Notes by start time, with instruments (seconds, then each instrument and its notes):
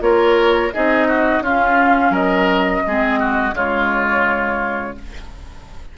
0.00 bassoon A#3, clarinet F4, oboe A#4, flute C#5
0.73 bassoon C4, clarinet D#4, oboe G#4, flute D#5
1.08 oboe F#4
1.40 bassoon C#4, clarinet C#4, oboe F4, flute F5
2.10 bassoon F#3, oboe A#4, flute D#5
2.86 bassoon G#3, clarinet C4, oboe G#4
3.19 oboe F#4
3.51 bassoon C#3, clarinet G#3, oboe F4, flute C#5